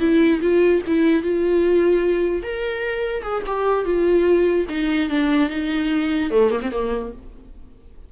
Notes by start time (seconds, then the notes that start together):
0.00 E4
0.42 F4
0.87 E4
1.23 F4
2.43 A#4
3.23 G#4
3.47 G4
3.85 F4
4.69 D#4
5.10 D4
5.50 D#4
6.31 A3
6.51 A#3
6.62 C4
6.72 A#3